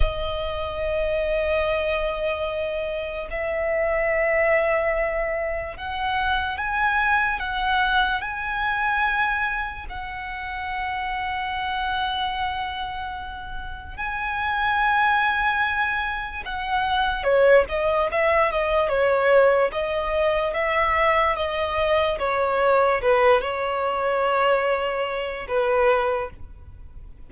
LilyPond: \new Staff \with { instrumentName = "violin" } { \time 4/4 \tempo 4 = 73 dis''1 | e''2. fis''4 | gis''4 fis''4 gis''2 | fis''1~ |
fis''4 gis''2. | fis''4 cis''8 dis''8 e''8 dis''8 cis''4 | dis''4 e''4 dis''4 cis''4 | b'8 cis''2~ cis''8 b'4 | }